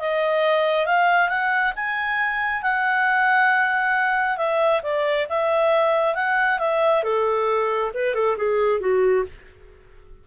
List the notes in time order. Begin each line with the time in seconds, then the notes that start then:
0.00 D#5
0.86 F5
1.29 F#5
1.76 G#5
2.63 F#5
4.38 E5
4.83 D5
5.30 E5
6.15 F#5
6.59 E5
7.04 A4
7.95 B4
8.15 A4
8.38 G#4
8.81 F#4